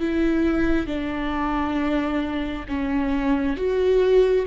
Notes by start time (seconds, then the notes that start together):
0.00 E4
0.87 D4
2.68 C#4
3.57 F#4